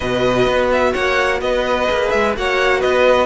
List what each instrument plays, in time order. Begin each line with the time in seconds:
0.00 cello B2, viola F#4, violin B4 D#5
0.47 cello B3
0.72 violin E5
0.92 cello A#3, violin C#5 F#5
1.41 cello B3, violin B4 D#5
1.87 cello A#3, viola G#4
2.09 cello G#3, violin E5
2.35 cello A#3, viola F#4, violin C#5 F#5
2.79 cello B3, violin B4 D#5